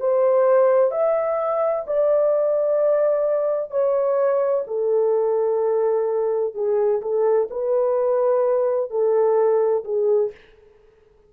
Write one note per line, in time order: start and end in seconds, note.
0.00 0.91 C5
0.91 1.85 E5
1.87 3.71 D5
3.71 4.64 C#5
4.67 6.54 A4
6.54 7.01 G#4
7.01 7.48 A4
7.50 8.90 B4
8.90 9.84 A4
9.84 10.31 G#4